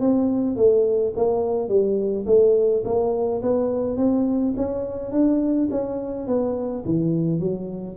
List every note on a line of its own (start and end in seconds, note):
0.00 0.56 C4
0.56 1.13 A3
1.16 1.68 A#3
1.68 2.25 G3
2.26 2.83 A3
2.84 3.42 A#3
3.42 3.97 B3
3.97 4.54 C4
4.56 5.11 C#4
5.11 5.68 D4
5.71 6.27 C#4
6.27 6.84 B3
6.85 7.39 E3
7.39 7.96 F#3